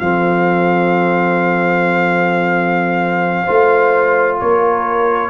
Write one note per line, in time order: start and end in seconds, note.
0.00 3.47 F3
0.00 3.47 C4
0.00 3.44 A4
0.00 4.38 F5
3.44 4.41 A3
3.44 5.30 F4
3.44 4.36 C5
4.40 5.30 A#3
4.40 5.30 A#4
4.40 5.30 C#5